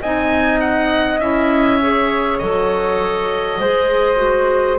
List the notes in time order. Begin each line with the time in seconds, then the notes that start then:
0.00 C4 D#4 D#5 G#5
0.60 F#5
1.20 C#4 E4 E5
1.81 G#4 C#5
2.38 F#3 A4 D#5
3.60 G#3 G#4 C5
4.16 F#4